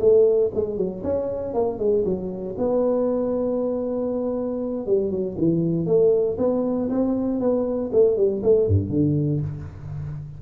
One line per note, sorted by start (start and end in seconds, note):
0.00 0.51 A3
0.54 0.77 G#3
0.77 1.02 F#3
1.03 1.54 C#4
1.54 1.78 A#3
1.78 2.04 G#3
2.05 2.55 F#3
2.58 4.86 B3
4.86 5.10 G3
5.10 5.36 F#3
5.38 5.86 E3
5.86 6.37 A3
6.38 6.89 B3
6.89 7.40 C4
7.40 7.90 B3
7.93 8.17 A3
8.17 8.42 G3
8.43 8.67 A3
8.67 8.90 G2
8.90 9.41 D3